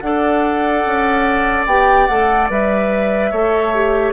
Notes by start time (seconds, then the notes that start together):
0.00 D4 A4 D5 F#5
0.86 C#4
1.66 B3 G4 G5
2.07 A3 A4 F#5
2.50 G3 B4 E5
3.31 A3 A4 C#5
3.74 G4